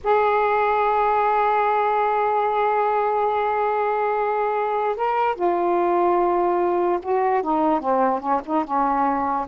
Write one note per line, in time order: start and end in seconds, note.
0.03 4.95 G#4
4.95 5.35 A#4
5.35 6.99 F4
7.02 7.42 F#4
7.42 7.80 D#4
7.80 8.20 C4
8.20 8.40 C#4
8.45 8.64 D#4
8.64 9.46 C#4